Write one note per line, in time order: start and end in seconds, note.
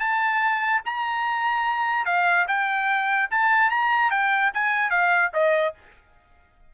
0.00 0.82 A5
0.86 2.06 A#5
2.06 2.46 F5
2.48 3.30 G5
3.31 3.71 A5
3.71 4.11 A#5
4.11 4.52 G5
4.54 4.91 G#5
4.91 5.31 F5
5.34 5.75 D#5